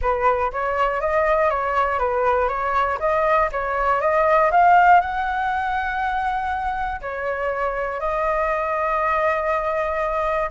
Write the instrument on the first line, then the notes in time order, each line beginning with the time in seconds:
flute
0.01 B4
0.52 C#5
1.00 D#5
1.50 C#5
1.98 B4
2.48 C#5
2.99 D#5
3.52 C#5
4.00 D#5
4.51 F5
5.00 F#5
7.01 C#5
8.00 D#5